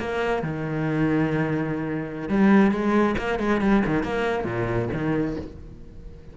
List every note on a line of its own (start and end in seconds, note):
0.00 0.43 A#3
0.43 2.29 D#3
2.29 2.72 G3
2.72 3.16 G#3
3.19 3.40 A#3
3.40 3.61 G#3
3.61 3.83 G3
3.86 4.04 D#3
4.04 4.45 A#3
4.45 4.89 A#2
4.93 5.37 D#3